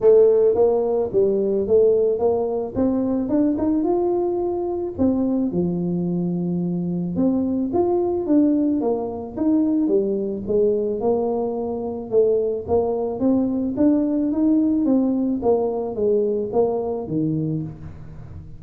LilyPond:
\new Staff \with { instrumentName = "tuba" } { \time 4/4 \tempo 4 = 109 a4 ais4 g4 a4 | ais4 c'4 d'8 dis'8 f'4~ | f'4 c'4 f2~ | f4 c'4 f'4 d'4 |
ais4 dis'4 g4 gis4 | ais2 a4 ais4 | c'4 d'4 dis'4 c'4 | ais4 gis4 ais4 dis4 | }